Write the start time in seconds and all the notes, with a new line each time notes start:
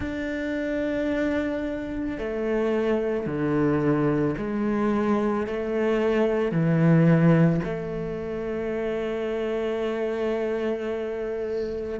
0.00 D4
2.18 A3
3.26 D3
4.37 G#3
5.46 A3
6.52 E3
7.64 A3